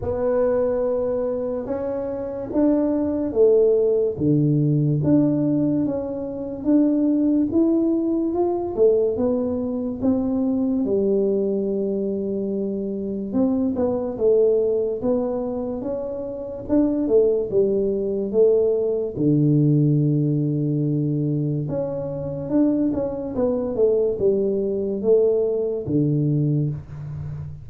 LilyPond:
\new Staff \with { instrumentName = "tuba" } { \time 4/4 \tempo 4 = 72 b2 cis'4 d'4 | a4 d4 d'4 cis'4 | d'4 e'4 f'8 a8 b4 | c'4 g2. |
c'8 b8 a4 b4 cis'4 | d'8 a8 g4 a4 d4~ | d2 cis'4 d'8 cis'8 | b8 a8 g4 a4 d4 | }